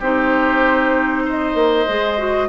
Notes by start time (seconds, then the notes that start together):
0.00 C4 D#4 G4 C5
1.25 C5 D#5
1.55 A#3
1.88 G#3 G#4
2.18 F#4